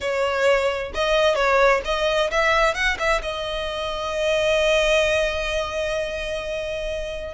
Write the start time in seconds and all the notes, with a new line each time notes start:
0.00 C#5
0.94 D#5
1.35 C#5
1.84 D#5
2.30 E5
2.74 F#5
2.99 E5
3.22 D#5